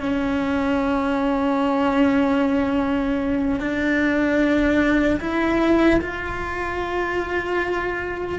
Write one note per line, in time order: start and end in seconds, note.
0.00 3.60 C#4
3.60 5.20 D4
5.20 6.00 E4
6.01 8.39 F4